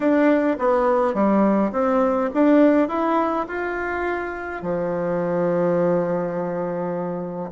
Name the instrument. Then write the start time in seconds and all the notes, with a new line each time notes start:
bassoon
0.00 D4
0.58 B3
1.14 G3
1.72 C4
2.34 D4
2.88 E4
3.48 F4
4.62 F3